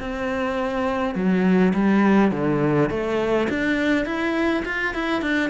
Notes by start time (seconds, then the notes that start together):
0.00 C4
1.14 F#3
1.73 G3
2.31 D3
2.89 A3
3.49 D4
4.05 E4
4.65 F4
4.94 E4
5.21 D4